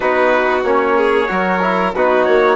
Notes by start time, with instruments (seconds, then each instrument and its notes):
0.00 bassoon B3, trombone D#4, violin F#4, trumpet B4
0.63 bassoon A#3, trombone C#4, trumpet C#5
0.96 violin G#4
1.27 bassoon F#3, trombone F#4, violin A#4
1.61 trombone E4
1.94 bassoon B3, trombone D#4, violin F#4, trumpet B4
2.24 bassoon A#3, trumpet C#5